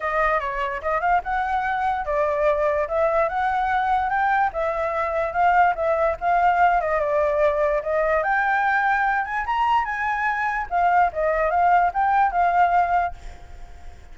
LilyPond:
\new Staff \with { instrumentName = "flute" } { \time 4/4 \tempo 4 = 146 dis''4 cis''4 dis''8 f''8 fis''4~ | fis''4 d''2 e''4 | fis''2 g''4 e''4~ | e''4 f''4 e''4 f''4~ |
f''8 dis''8 d''2 dis''4 | g''2~ g''8 gis''8 ais''4 | gis''2 f''4 dis''4 | f''4 g''4 f''2 | }